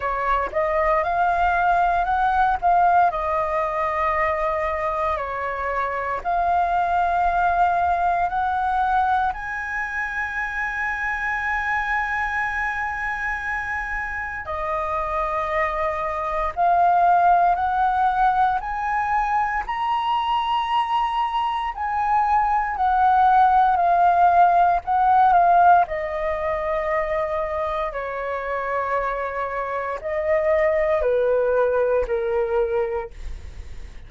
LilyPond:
\new Staff \with { instrumentName = "flute" } { \time 4/4 \tempo 4 = 58 cis''8 dis''8 f''4 fis''8 f''8 dis''4~ | dis''4 cis''4 f''2 | fis''4 gis''2.~ | gis''2 dis''2 |
f''4 fis''4 gis''4 ais''4~ | ais''4 gis''4 fis''4 f''4 | fis''8 f''8 dis''2 cis''4~ | cis''4 dis''4 b'4 ais'4 | }